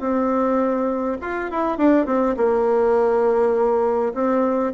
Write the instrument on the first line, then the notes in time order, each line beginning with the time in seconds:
bassoon
0.00 C4
1.21 F4
1.51 E4
1.78 D4
2.06 C4
2.37 A#3
4.14 C4